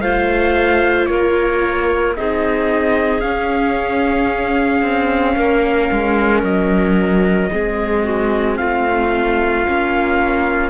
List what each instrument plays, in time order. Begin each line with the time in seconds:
0.00 cello A3, viola F4, clarinet C5, trumpet F5
1.06 cello A#3, clarinet A#4, trumpet C#5
2.16 cello C4, viola D#4, clarinet G#4, trumpet D#5
3.20 viola C#4, cello C#4, trumpet F5
4.82 cello C4
5.36 cello A#3, clarinet A#4
5.92 cello G#3
6.43 cello F#3, trumpet D#5
7.51 cello G#3, viola C4, clarinet G#4
8.03 clarinet F#4
8.57 cello A3, clarinet F4, trumpet F5
9.65 cello A#3, viola C#4